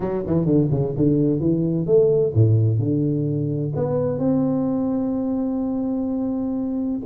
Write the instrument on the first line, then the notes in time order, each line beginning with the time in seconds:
tuba
0.00 F#3
0.26 E3
0.45 D3
0.70 C#3
0.96 D3
1.40 E3
1.86 A3
2.34 A2
2.78 D3
3.75 B3
4.18 C4